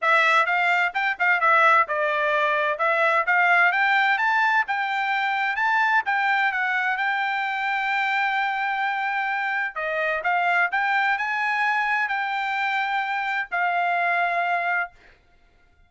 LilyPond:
\new Staff \with { instrumentName = "trumpet" } { \time 4/4 \tempo 4 = 129 e''4 f''4 g''8 f''8 e''4 | d''2 e''4 f''4 | g''4 a''4 g''2 | a''4 g''4 fis''4 g''4~ |
g''1~ | g''4 dis''4 f''4 g''4 | gis''2 g''2~ | g''4 f''2. | }